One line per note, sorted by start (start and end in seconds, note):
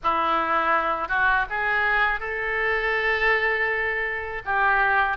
0.03 1.08 E4
1.08 1.45 F#4
1.49 2.20 G#4
2.20 4.42 A4
4.45 5.17 G4